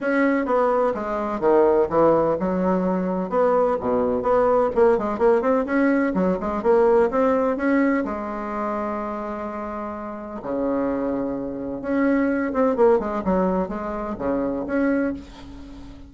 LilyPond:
\new Staff \with { instrumentName = "bassoon" } { \time 4/4 \tempo 4 = 127 cis'4 b4 gis4 dis4 | e4 fis2 b4 | b,4 b4 ais8 gis8 ais8 c'8 | cis'4 fis8 gis8 ais4 c'4 |
cis'4 gis2.~ | gis2 cis2~ | cis4 cis'4. c'8 ais8 gis8 | fis4 gis4 cis4 cis'4 | }